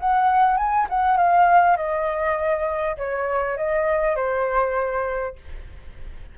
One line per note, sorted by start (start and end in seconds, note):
0.00 0.57 F#5
0.57 0.87 G#5
0.89 1.17 F#5
1.17 1.77 F5
1.77 2.97 D#5
2.97 3.57 C#5
3.57 4.16 D#5
4.16 5.36 C5